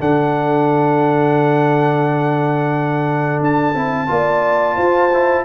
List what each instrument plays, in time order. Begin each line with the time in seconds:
0.00 tuba D3, trombone D4, horn A4, trumpet F#5
3.41 tuba D4, trumpet A5
3.75 tuba C4, trombone E4
4.08 tuba A#3, trombone F4, horn D5
4.77 tuba F4, horn C5
5.14 trombone E4